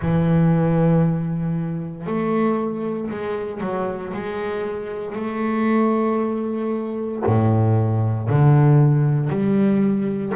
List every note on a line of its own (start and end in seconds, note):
0.01 2.06 E3
2.06 3.09 A3
3.10 3.61 G#3
3.61 4.12 F#3
4.13 5.15 G#3
5.15 7.22 A3
7.26 8.29 A2
8.29 9.29 D3
9.29 10.33 G3